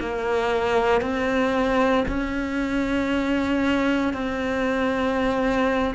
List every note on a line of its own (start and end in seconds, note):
0.00 1.01 A#3
1.01 2.05 C4
2.08 4.13 C#4
4.13 5.94 C4